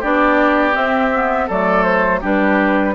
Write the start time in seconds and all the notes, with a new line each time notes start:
0.00 B3 D4 G4 D5
0.73 C4 E5
1.14 B3
1.47 F#3 A3 A4 D5
1.83 C5
2.21 G3 D4 G4 B4